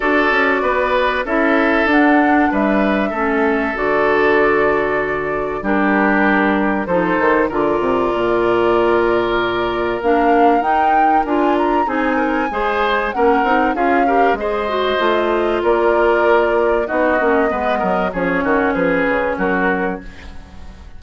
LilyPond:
<<
  \new Staff \with { instrumentName = "flute" } { \time 4/4 \tempo 4 = 96 d''2 e''4 fis''4 | e''2 d''2~ | d''4 ais'2 c''4 | d''1 |
f''4 g''4 gis''8 ais''8 gis''4~ | gis''4 fis''4 f''4 dis''4~ | dis''4 d''2 dis''4~ | dis''4 cis''4 b'4 ais'4 | }
  \new Staff \with { instrumentName = "oboe" } { \time 4/4 a'4 b'4 a'2 | b'4 a'2.~ | a'4 g'2 a'4 | ais'1~ |
ais'2. gis'8 ais'8 | c''4 ais'4 gis'8 ais'8 c''4~ | c''4 ais'2 fis'4 | b'8 ais'8 gis'8 fis'8 gis'4 fis'4 | }
  \new Staff \with { instrumentName = "clarinet" } { \time 4/4 fis'2 e'4 d'4~ | d'4 cis'4 fis'2~ | fis'4 d'2 dis'4 | f'1 |
d'4 dis'4 f'4 dis'4 | gis'4 cis'8 dis'8 f'8 g'8 gis'8 fis'8 | f'2. dis'8 cis'8 | b4 cis'2. | }
  \new Staff \with { instrumentName = "bassoon" } { \time 4/4 d'8 cis'8 b4 cis'4 d'4 | g4 a4 d2~ | d4 g2 f8 dis8 | d8 c8 ais,2. |
ais4 dis'4 d'4 c'4 | gis4 ais8 c'8 cis'4 gis4 | a4 ais2 b8 ais8 | gis8 fis8 f8 dis8 f8 cis8 fis4 | }
>>